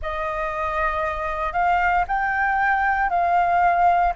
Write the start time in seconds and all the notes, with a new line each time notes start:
0.02 D#5
1.52 F5
2.07 G5
3.09 F5